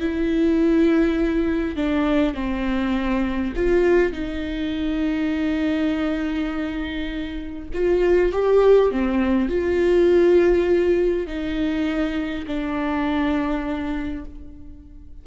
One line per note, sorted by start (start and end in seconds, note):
0.00 1.76 E4
1.76 2.34 D4
2.34 3.53 C4
3.56 4.13 F4
4.13 7.69 D#4
7.74 8.32 F4
8.32 8.91 G4
8.91 9.49 C4
9.49 11.27 F4
11.27 12.46 D#4
12.47 14.25 D4